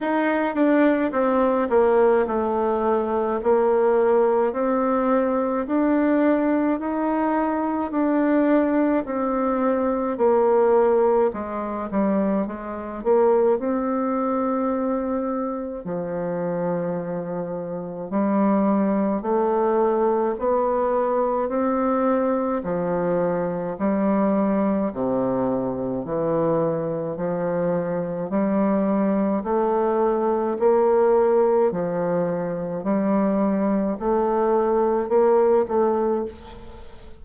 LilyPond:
\new Staff \with { instrumentName = "bassoon" } { \time 4/4 \tempo 4 = 53 dis'8 d'8 c'8 ais8 a4 ais4 | c'4 d'4 dis'4 d'4 | c'4 ais4 gis8 g8 gis8 ais8 | c'2 f2 |
g4 a4 b4 c'4 | f4 g4 c4 e4 | f4 g4 a4 ais4 | f4 g4 a4 ais8 a8 | }